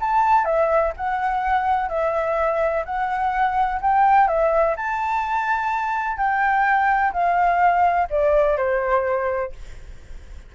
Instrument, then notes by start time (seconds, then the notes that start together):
flute
0.00 A5
0.45 E5
0.96 F#5
1.89 E5
2.85 F#5
3.81 G5
4.27 E5
4.76 A5
6.17 G5
7.13 F5
8.10 D5
8.57 C5